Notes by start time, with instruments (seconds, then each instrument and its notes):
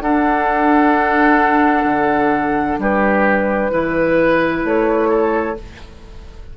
0.00 bassoon D4, clarinet D4, oboe A4, flute F#5
1.84 bassoon D3
2.79 bassoon G3, oboe G4, flute B4
3.70 bassoon E3, clarinet E4, oboe B4
4.64 bassoon A3, flute C#5
5.10 oboe A4